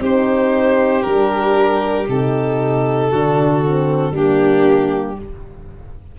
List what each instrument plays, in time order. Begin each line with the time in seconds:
0.00 tuba C4, horn D#4, violin G4 C5
1.03 tuba G3, horn D4, violin A#4
2.08 tuba C3, horn D#4, violin A4
3.10 tuba D3, horn D4, violin F#4
3.66 horn C4
4.11 tuba G3, horn A#3, violin D4 G4